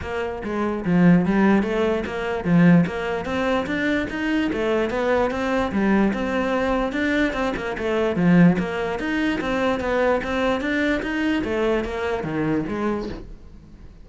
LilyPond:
\new Staff \with { instrumentName = "cello" } { \time 4/4 \tempo 4 = 147 ais4 gis4 f4 g4 | a4 ais4 f4 ais4 | c'4 d'4 dis'4 a4 | b4 c'4 g4 c'4~ |
c'4 d'4 c'8 ais8 a4 | f4 ais4 dis'4 c'4 | b4 c'4 d'4 dis'4 | a4 ais4 dis4 gis4 | }